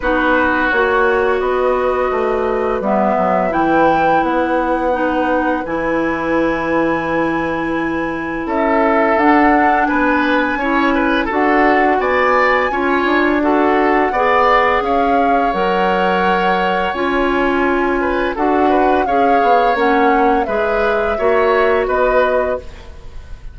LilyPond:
<<
  \new Staff \with { instrumentName = "flute" } { \time 4/4 \tempo 4 = 85 b'4 cis''4 dis''2 | e''4 g''4 fis''2 | gis''1 | e''4 fis''4 gis''2 |
fis''4 gis''2 fis''4~ | fis''4 f''4 fis''2 | gis''2 fis''4 f''4 | fis''4 e''2 dis''4 | }
  \new Staff \with { instrumentName = "oboe" } { \time 4/4 fis'2 b'2~ | b'1~ | b'1 | a'2 b'4 cis''8 b'8 |
a'4 d''4 cis''4 a'4 | d''4 cis''2.~ | cis''4. b'8 a'8 b'8 cis''4~ | cis''4 b'4 cis''4 b'4 | }
  \new Staff \with { instrumentName = "clarinet" } { \time 4/4 dis'4 fis'2. | b4 e'2 dis'4 | e'1~ | e'4 d'2 e'4 |
fis'2 f'4 fis'4 | gis'2 ais'2 | f'2 fis'4 gis'4 | cis'4 gis'4 fis'2 | }
  \new Staff \with { instrumentName = "bassoon" } { \time 4/4 b4 ais4 b4 a4 | g8 fis8 e4 b2 | e1 | cis'4 d'4 b4 cis'4 |
d'4 b4 cis'8 d'4. | b4 cis'4 fis2 | cis'2 d'4 cis'8 b8 | ais4 gis4 ais4 b4 | }
>>